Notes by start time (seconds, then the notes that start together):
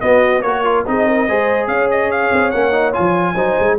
0.00 B3 F#4 D#5
0.42 A#3 F#4 A#4 C#5
0.64 F4
0.86 C4 D#4 G#4 D#5
1.07 A#4
1.28 G#3 G#4 C5
1.67 C#4 C#5 F5
1.90 D#5
2.11 F5
2.32 C4
2.51 A#3 C#4 F#5
2.72 D#4
2.93 F4 G#5
2.99 F3
3.34 F#3 D#4 C5
3.60 G#3